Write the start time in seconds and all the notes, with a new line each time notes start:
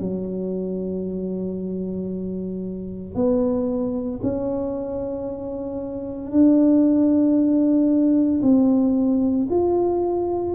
0.00 F#3
3.15 B3
4.23 C#4
6.31 D4
8.43 C4
9.50 F4